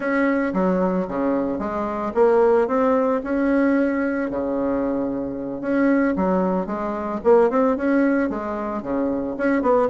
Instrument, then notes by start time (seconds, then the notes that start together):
bassoon
0.00 C#4
0.53 F#3
1.08 C#3
1.59 G#3
2.14 A#3
2.67 C4
3.23 C#4
4.30 C#3
5.61 C#4
6.16 F#3
6.66 G#3
7.24 A#3
7.50 C4
7.76 C#4
8.29 G#3
8.82 C#3
9.37 C#4
9.62 B3